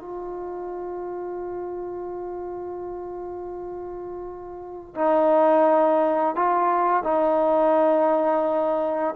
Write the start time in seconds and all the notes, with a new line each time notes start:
0.00 F4
4.95 D#4
6.35 F4
7.03 D#4